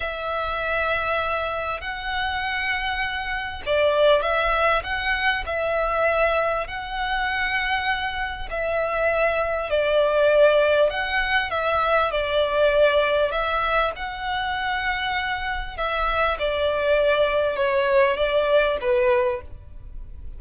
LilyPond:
\new Staff \with { instrumentName = "violin" } { \time 4/4 \tempo 4 = 99 e''2. fis''4~ | fis''2 d''4 e''4 | fis''4 e''2 fis''4~ | fis''2 e''2 |
d''2 fis''4 e''4 | d''2 e''4 fis''4~ | fis''2 e''4 d''4~ | d''4 cis''4 d''4 b'4 | }